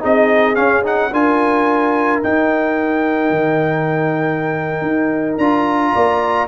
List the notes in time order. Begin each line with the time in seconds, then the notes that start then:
0.00 C4 D#4 G#4 D#5
0.55 C#4 F5
0.83 D#4 F#5
1.12 D4 F4 A#4 G#5
2.23 D#4 G5
3.31 D#3
4.82 D#4
5.38 D4 F4 A#5
5.94 A#3 D5